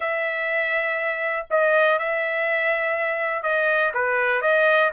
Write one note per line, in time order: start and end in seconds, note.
0.00 1.46 E5
1.50 1.99 D#5
1.99 3.42 E5
3.42 3.92 D#5
3.93 4.41 B4
4.41 4.90 D#5